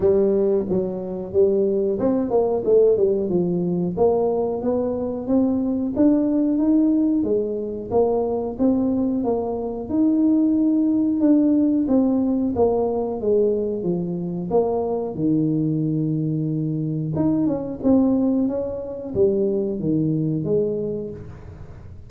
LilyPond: \new Staff \with { instrumentName = "tuba" } { \time 4/4 \tempo 4 = 91 g4 fis4 g4 c'8 ais8 | a8 g8 f4 ais4 b4 | c'4 d'4 dis'4 gis4 | ais4 c'4 ais4 dis'4~ |
dis'4 d'4 c'4 ais4 | gis4 f4 ais4 dis4~ | dis2 dis'8 cis'8 c'4 | cis'4 g4 dis4 gis4 | }